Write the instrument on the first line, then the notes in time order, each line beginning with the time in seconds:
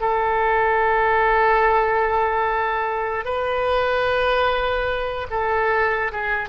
oboe
0.00 A4
3.24 B4
5.30 A4
6.12 G#4